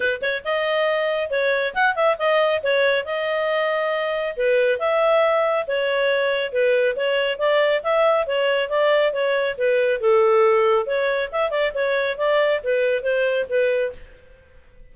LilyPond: \new Staff \with { instrumentName = "clarinet" } { \time 4/4 \tempo 4 = 138 b'8 cis''8 dis''2 cis''4 | fis''8 e''8 dis''4 cis''4 dis''4~ | dis''2 b'4 e''4~ | e''4 cis''2 b'4 |
cis''4 d''4 e''4 cis''4 | d''4 cis''4 b'4 a'4~ | a'4 cis''4 e''8 d''8 cis''4 | d''4 b'4 c''4 b'4 | }